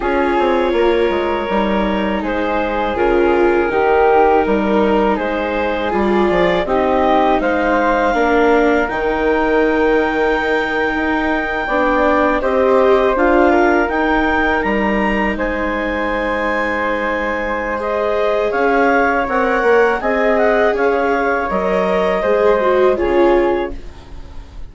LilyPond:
<<
  \new Staff \with { instrumentName = "clarinet" } { \time 4/4 \tempo 4 = 81 cis''2. c''4 | ais'2. c''4 | d''4 dis''4 f''2 | g''1~ |
g''8. dis''4 f''4 g''4 ais''16~ | ais''8. gis''2.~ gis''16 | dis''4 f''4 fis''4 gis''8 fis''8 | f''4 dis''2 cis''4 | }
  \new Staff \with { instrumentName = "flute" } { \time 4/4 gis'4 ais'2 gis'4~ | gis'4 g'4 ais'4 gis'4~ | gis'4 g'4 c''4 ais'4~ | ais'2.~ ais'8. d''16~ |
d''8. c''4. ais'4.~ ais'16~ | ais'8. c''2.~ c''16~ | c''4 cis''2 dis''4 | cis''2 c''4 gis'4 | }
  \new Staff \with { instrumentName = "viola" } { \time 4/4 f'2 dis'2 | f'4 dis'2. | f'4 dis'2 d'4 | dis'2.~ dis'8. d'16~ |
d'8. g'4 f'4 dis'4~ dis'16~ | dis'1 | gis'2 ais'4 gis'4~ | gis'4 ais'4 gis'8 fis'8 f'4 | }
  \new Staff \with { instrumentName = "bassoon" } { \time 4/4 cis'8 c'8 ais8 gis8 g4 gis4 | cis4 dis4 g4 gis4 | g8 f8 c'4 gis4 ais4 | dis2~ dis8. dis'4 b16~ |
b8. c'4 d'4 dis'4 g16~ | g8. gis2.~ gis16~ | gis4 cis'4 c'8 ais8 c'4 | cis'4 fis4 gis4 cis4 | }
>>